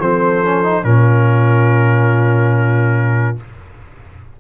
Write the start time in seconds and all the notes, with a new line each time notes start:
0.00 F3 C4 A4 C5
0.44 C#4
0.64 D#4
0.84 A#2 C#4 F4 A#4